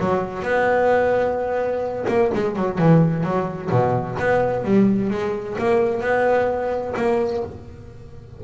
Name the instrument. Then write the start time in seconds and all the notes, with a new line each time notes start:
double bass
0.00 F#3
0.43 B3
2.08 A#3
2.35 G#3
2.56 F#3
2.79 E3
3.24 F#3
3.71 B2
4.19 B3
4.65 G3
5.11 G#3
5.59 A#3
6.01 B3
6.97 A#3